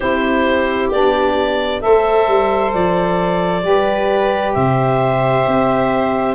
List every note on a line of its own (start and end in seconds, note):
0.00 0.90 C4
0.00 0.91 E4
0.00 1.79 G4
0.00 0.89 C5
0.90 1.81 B3
0.90 1.81 D4
0.90 1.81 D5
1.81 2.27 A3
1.81 3.62 A4
1.81 3.66 C5
1.81 2.72 E5
2.27 2.73 G3
2.73 3.63 F3
2.73 4.54 D5
3.62 4.54 G3
3.62 6.34 G4
3.62 4.56 B4
4.54 5.46 C3
4.54 6.34 C5
4.54 6.34 E5
5.47 6.34 C4